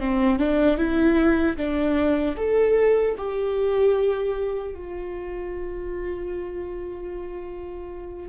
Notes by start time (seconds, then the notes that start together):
0.00 C4
0.39 D4
0.78 E4
1.57 D4
2.37 A4
3.18 G4
4.75 F4